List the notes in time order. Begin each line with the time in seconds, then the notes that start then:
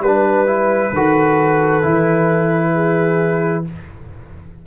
0.00 G3 B4
0.07 D4
0.47 E4
0.93 D#3 F#4 A4
1.83 E3 E4
2.73 G#4